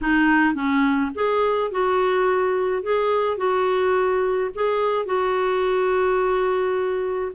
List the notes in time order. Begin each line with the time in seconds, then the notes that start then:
0.01 D#4
0.54 C#4
1.14 G#4
1.71 F#4
2.83 G#4
3.37 F#4
4.54 G#4
5.05 F#4